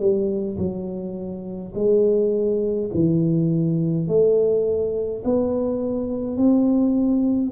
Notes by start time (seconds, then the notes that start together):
0.00 G3
0.58 F#3
1.75 G#3
2.94 E3
4.08 A3
5.24 B3
6.37 C4